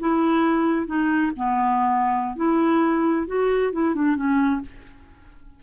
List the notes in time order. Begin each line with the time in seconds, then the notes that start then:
0.00 E4
0.87 D#4
1.36 B3
2.36 E4
3.27 F#4
3.73 E4
3.95 D4
4.16 C#4